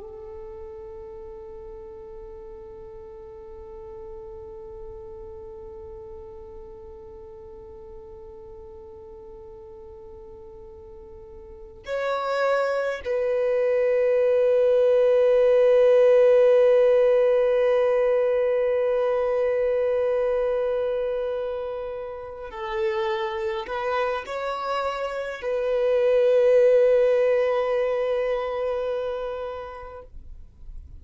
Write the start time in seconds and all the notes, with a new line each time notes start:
0.00 A4
11.85 C#5
13.04 B4
22.51 A4
23.66 B4
24.26 C#5
25.41 B4